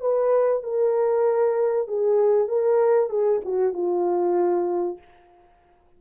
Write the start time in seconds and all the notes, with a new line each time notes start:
0.00 B4
0.63 A#4
1.87 G#4
2.48 A#4
3.09 G#4
3.44 F#4
3.73 F4